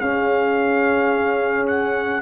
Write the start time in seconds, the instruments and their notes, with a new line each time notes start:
0.00 tuba C#4, trombone C#4, horn G#4, trumpet F5
1.67 trumpet F#5